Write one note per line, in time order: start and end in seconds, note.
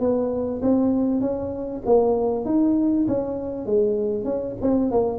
0.00 0.61 B3
0.62 1.21 C4
1.21 1.82 C#4
1.86 2.45 A#3
2.45 3.07 D#4
3.08 3.66 C#4
3.66 4.24 G#3
4.24 4.55 C#4
4.61 4.91 C4
4.91 5.18 A#3